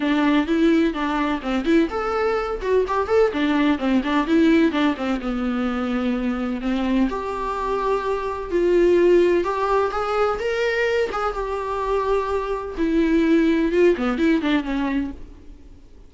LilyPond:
\new Staff \with { instrumentName = "viola" } { \time 4/4 \tempo 4 = 127 d'4 e'4 d'4 c'8 e'8 | a'4. fis'8 g'8 a'8 d'4 | c'8 d'8 e'4 d'8 c'8 b4~ | b2 c'4 g'4~ |
g'2 f'2 | g'4 gis'4 ais'4. gis'8 | g'2. e'4~ | e'4 f'8 b8 e'8 d'8 cis'4 | }